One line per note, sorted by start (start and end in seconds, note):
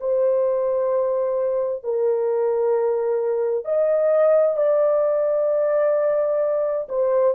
0.00 1.84 C5
1.84 3.65 A#4
3.65 4.57 D#5
4.57 6.88 D5
6.89 7.35 C5